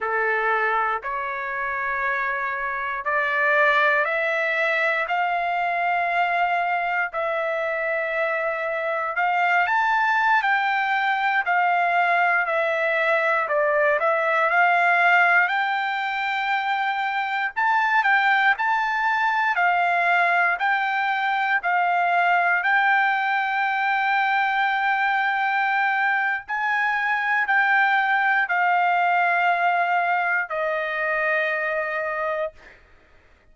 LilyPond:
\new Staff \with { instrumentName = "trumpet" } { \time 4/4 \tempo 4 = 59 a'4 cis''2 d''4 | e''4 f''2 e''4~ | e''4 f''8 a''8. g''4 f''8.~ | f''16 e''4 d''8 e''8 f''4 g''8.~ |
g''4~ g''16 a''8 g''8 a''4 f''8.~ | f''16 g''4 f''4 g''4.~ g''16~ | g''2 gis''4 g''4 | f''2 dis''2 | }